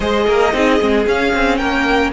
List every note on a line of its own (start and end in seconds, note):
0.00 0.27 G#3
0.00 0.52 G#4
0.00 0.26 C5
0.00 1.05 D#5
0.27 0.53 A#3
0.27 0.53 A#4
0.52 0.79 C4
0.52 0.79 D#4
0.52 1.58 G#4
0.79 1.06 G#3
0.79 1.06 C4
1.06 1.32 C#4
1.06 2.13 C#4
1.06 1.57 F5
1.33 1.60 C4
1.57 2.13 A#3
1.57 2.11 A#4
1.57 2.10 G5